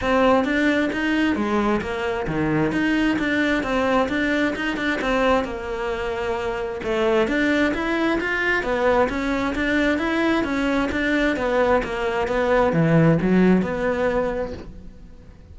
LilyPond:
\new Staff \with { instrumentName = "cello" } { \time 4/4 \tempo 4 = 132 c'4 d'4 dis'4 gis4 | ais4 dis4 dis'4 d'4 | c'4 d'4 dis'8 d'8 c'4 | ais2. a4 |
d'4 e'4 f'4 b4 | cis'4 d'4 e'4 cis'4 | d'4 b4 ais4 b4 | e4 fis4 b2 | }